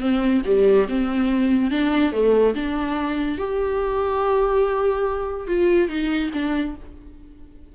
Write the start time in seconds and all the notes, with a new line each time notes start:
0.00 C4
0.46 G3
0.89 C4
1.71 D4
2.12 A3
2.55 D4
3.38 G4
5.47 F4
5.89 D#4
6.33 D4